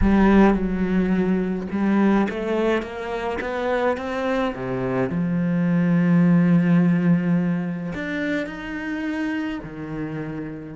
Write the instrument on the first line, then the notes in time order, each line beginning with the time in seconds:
cello
0.01 G3
0.54 F#3
1.71 G3
2.29 A3
2.82 A#3
3.40 B3
3.97 C4
4.54 C3
5.09 F3
7.94 D4
8.46 D#4
9.63 D#3